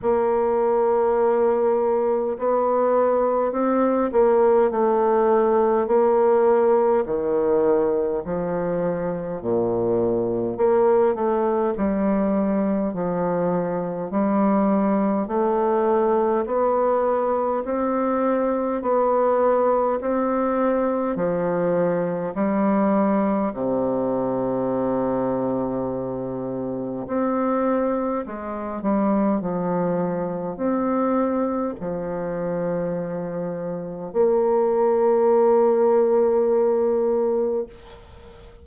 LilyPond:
\new Staff \with { instrumentName = "bassoon" } { \time 4/4 \tempo 4 = 51 ais2 b4 c'8 ais8 | a4 ais4 dis4 f4 | ais,4 ais8 a8 g4 f4 | g4 a4 b4 c'4 |
b4 c'4 f4 g4 | c2. c'4 | gis8 g8 f4 c'4 f4~ | f4 ais2. | }